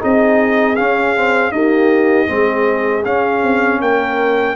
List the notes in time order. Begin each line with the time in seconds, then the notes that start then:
0.00 C4 D#4 G#4 D#5
0.76 C#4 F5
1.16 C4
1.52 A#3 D#4 G4 D#5
2.28 G#3 C4 G#4
3.05 C#4 F5
3.44 C4
3.81 A#3 A#4 G5